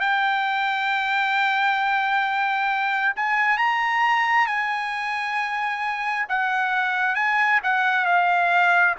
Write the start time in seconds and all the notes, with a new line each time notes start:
0.00 G5
3.16 G#5
3.57 A#5
4.47 G#5
6.28 F#5
7.15 G#5
7.63 F#5
8.05 F5